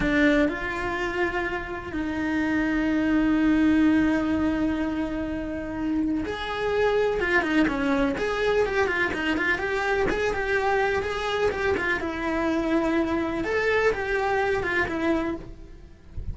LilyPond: \new Staff \with { instrumentName = "cello" } { \time 4/4 \tempo 4 = 125 d'4 f'2. | dis'1~ | dis'1~ | dis'4 gis'2 f'8 dis'8 |
cis'4 gis'4 g'8 f'8 dis'8 f'8 | g'4 gis'8 g'4. gis'4 | g'8 f'8 e'2. | a'4 g'4. f'8 e'4 | }